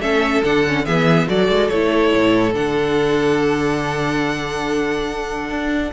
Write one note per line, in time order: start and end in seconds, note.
0.00 0.42 A3
0.00 0.43 C#4
0.00 0.85 A4
0.00 0.43 E5
0.44 0.86 D3
0.44 0.65 D4
0.44 0.85 F#5
0.67 0.85 C#4
0.85 1.28 E3
0.85 1.27 B3
0.85 1.28 G#4
0.85 1.28 E5
1.28 1.49 F#3
1.28 1.70 F#4
1.28 5.93 A4
1.28 1.68 D5
1.49 1.70 G#3
1.68 2.13 A3
1.68 2.53 E4
1.68 2.53 C#5
2.15 2.55 A2
2.53 5.50 D3
2.53 5.91 D4
2.53 5.93 F#5
5.50 5.92 D4